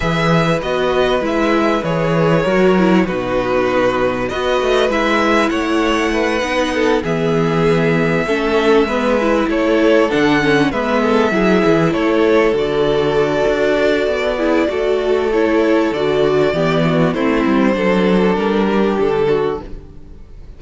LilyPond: <<
  \new Staff \with { instrumentName = "violin" } { \time 4/4 \tempo 4 = 98 e''4 dis''4 e''4 cis''4~ | cis''4 b'2 dis''4 | e''4 fis''2~ fis''8 e''8~ | e''2.~ e''8 cis''8~ |
cis''8 fis''4 e''2 cis''8~ | cis''8 d''2.~ d''8~ | d''4 cis''4 d''2 | c''2 ais'4 a'4 | }
  \new Staff \with { instrumentName = "violin" } { \time 4/4 b'1 | ais'4 fis'2 b'4~ | b'4 cis''4 b'4 a'8 gis'8~ | gis'4. a'4 b'4 a'8~ |
a'4. b'8 a'8 gis'4 a'8~ | a'2.~ a'8 gis'8 | a'2. g'8 fis'8 | e'4 a'4. g'4 fis'8 | }
  \new Staff \with { instrumentName = "viola" } { \time 4/4 gis'4 fis'4 e'4 gis'4 | fis'8 e'8 dis'2 fis'4 | e'2~ e'8 dis'4 b8~ | b4. cis'4 b8 e'4~ |
e'8 d'8 cis'8 b4 e'4.~ | e'8 fis'2. e'8 | fis'4 e'4 fis'4 b4 | c'4 d'2. | }
  \new Staff \with { instrumentName = "cello" } { \time 4/4 e4 b4 gis4 e4 | fis4 b,2 b8 a8 | gis4 a4. b4 e8~ | e4. a4 gis4 a8~ |
a8 d4 gis4 fis8 e8 a8~ | a8 d4. d'4 b4 | a2 d4 e4 | a8 g8 fis4 g4 d4 | }
>>